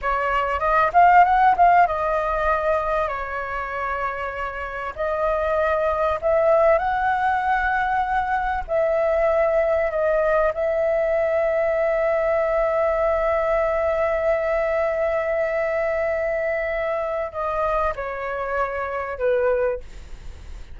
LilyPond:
\new Staff \with { instrumentName = "flute" } { \time 4/4 \tempo 4 = 97 cis''4 dis''8 f''8 fis''8 f''8 dis''4~ | dis''4 cis''2. | dis''2 e''4 fis''4~ | fis''2 e''2 |
dis''4 e''2.~ | e''1~ | e''1 | dis''4 cis''2 b'4 | }